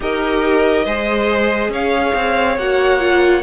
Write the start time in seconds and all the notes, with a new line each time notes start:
0.00 D#4 G4 A#4 D#5
0.84 G#3 G#4 C5
1.69 C#4 C#5 F5
2.14 C4
2.57 A#3 F#4 F#5
2.99 F4